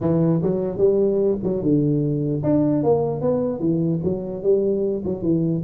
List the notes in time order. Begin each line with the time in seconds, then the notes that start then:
0.00 E3
0.42 F#3
0.77 G3
1.43 F#3
1.62 D3
2.43 D4
2.83 A#3
3.21 B3
3.59 E3
4.03 F#3
4.42 G3
5.04 F#3
5.22 E3